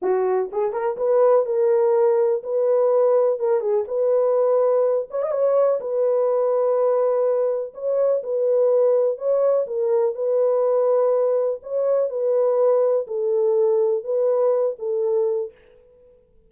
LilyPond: \new Staff \with { instrumentName = "horn" } { \time 4/4 \tempo 4 = 124 fis'4 gis'8 ais'8 b'4 ais'4~ | ais'4 b'2 ais'8 gis'8 | b'2~ b'8 cis''16 dis''16 cis''4 | b'1 |
cis''4 b'2 cis''4 | ais'4 b'2. | cis''4 b'2 a'4~ | a'4 b'4. a'4. | }